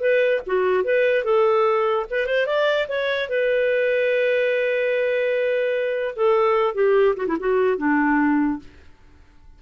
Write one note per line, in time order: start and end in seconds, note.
0.00 0.41 B4
0.46 0.84 F#4
0.84 1.24 B4
1.24 2.06 A4
2.10 2.27 B4
2.27 2.47 C5
2.47 2.87 D5
2.88 3.29 C#5
3.29 6.15 B4
6.16 6.74 A4
6.74 7.15 G4
7.16 7.26 F#4
7.27 7.37 E4
7.39 7.78 F#4
7.78 8.59 D4